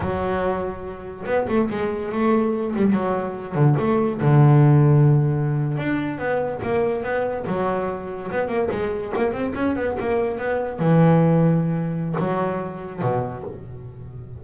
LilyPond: \new Staff \with { instrumentName = "double bass" } { \time 4/4 \tempo 4 = 143 fis2. b8 a8 | gis4 a4. g8 fis4~ | fis8 d8 a4 d2~ | d4.~ d16 d'4 b4 ais16~ |
ais8. b4 fis2 b16~ | b16 ais8 gis4 ais8 c'8 cis'8 b8 ais16~ | ais8. b4 e2~ e16~ | e4 fis2 b,4 | }